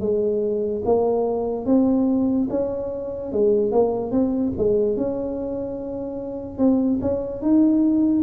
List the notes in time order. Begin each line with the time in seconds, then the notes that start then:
0.00 G#3
0.85 A#3
1.66 C4
2.50 C#4
3.33 G#3
3.72 A#3
4.11 C4
4.58 G#3
4.97 C#4
6.58 C4
7.01 C#4
7.42 D#4